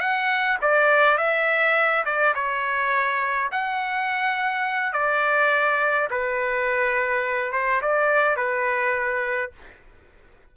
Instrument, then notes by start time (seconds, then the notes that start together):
trumpet
0.00 F#5
0.62 D5
1.18 E5
2.05 D5
2.35 C#5
3.52 F#5
4.93 D5
6.10 B4
7.52 C5
7.81 D5
8.36 B4